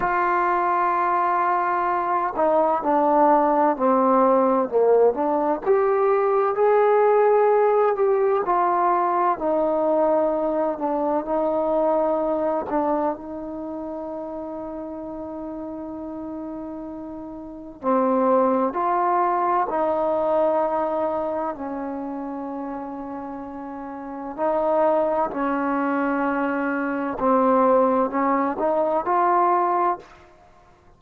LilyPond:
\new Staff \with { instrumentName = "trombone" } { \time 4/4 \tempo 4 = 64 f'2~ f'8 dis'8 d'4 | c'4 ais8 d'8 g'4 gis'4~ | gis'8 g'8 f'4 dis'4. d'8 | dis'4. d'8 dis'2~ |
dis'2. c'4 | f'4 dis'2 cis'4~ | cis'2 dis'4 cis'4~ | cis'4 c'4 cis'8 dis'8 f'4 | }